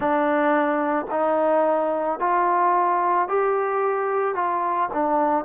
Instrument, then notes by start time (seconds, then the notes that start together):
trombone
0.00 D4
1.10 D#4
2.19 F4
3.28 G4
4.34 F4
4.93 D4